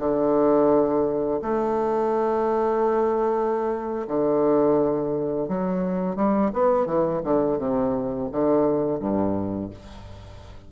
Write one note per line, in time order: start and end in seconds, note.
0.00 1.41 D3
1.42 4.07 A3
4.07 5.49 D3
5.49 6.16 F#3
6.16 6.51 G3
6.54 6.86 B3
6.86 7.21 E3
7.24 7.59 D3
7.59 8.29 C3
8.32 9.00 D3
9.00 9.71 G2